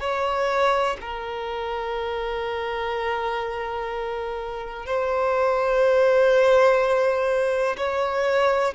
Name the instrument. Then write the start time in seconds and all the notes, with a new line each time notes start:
violin
0.00 C#5
1.01 A#4
4.86 C5
7.77 C#5